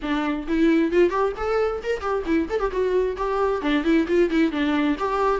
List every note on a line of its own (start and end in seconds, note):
0.01 0.47 D4
0.47 0.91 E4
0.91 1.10 F4
1.10 1.32 G4
1.36 1.81 A4
1.83 2.00 A#4
2.00 2.23 G4
2.26 2.48 E4
2.49 2.59 A4
2.59 2.71 G4
2.71 3.16 F#4
3.16 3.61 G4
3.61 3.84 D4
3.84 4.06 E4
4.07 4.29 F4
4.29 4.51 E4
4.51 4.96 D4
4.98 5.40 G4